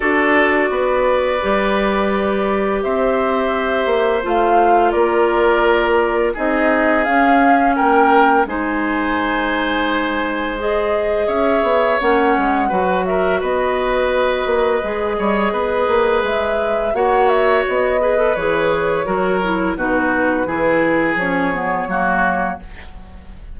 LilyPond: <<
  \new Staff \with { instrumentName = "flute" } { \time 4/4 \tempo 4 = 85 d''1 | e''2 f''4 d''4~ | d''4 dis''4 f''4 g''4 | gis''2. dis''4 |
e''4 fis''4. e''8 dis''4~ | dis''2. e''4 | fis''8 e''8 dis''4 cis''2 | b'2 cis''2 | }
  \new Staff \with { instrumentName = "oboe" } { \time 4/4 a'4 b'2. | c''2. ais'4~ | ais'4 gis'2 ais'4 | c''1 |
cis''2 b'8 ais'8 b'4~ | b'4. cis''8 b'2 | cis''4. b'4. ais'4 | fis'4 gis'2 fis'4 | }
  \new Staff \with { instrumentName = "clarinet" } { \time 4/4 fis'2 g'2~ | g'2 f'2~ | f'4 dis'4 cis'2 | dis'2. gis'4~ |
gis'4 cis'4 fis'2~ | fis'4 gis'2. | fis'4. gis'16 a'16 gis'4 fis'8 e'8 | dis'4 e'4 cis'8 b8 ais4 | }
  \new Staff \with { instrumentName = "bassoon" } { \time 4/4 d'4 b4 g2 | c'4. ais8 a4 ais4~ | ais4 c'4 cis'4 ais4 | gis1 |
cis'8 b8 ais8 gis8 fis4 b4~ | b8 ais8 gis8 g8 b8 ais8 gis4 | ais4 b4 e4 fis4 | b,4 e4 f4 fis4 | }
>>